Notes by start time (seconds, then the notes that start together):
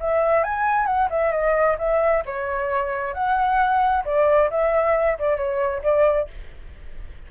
0.00 E5
0.44 G#5
0.86 F#5
1.10 E5
1.32 D#5
1.79 E5
2.26 C#5
3.14 F#5
4.05 D5
4.50 E5
5.19 D5
5.37 C#5
5.83 D5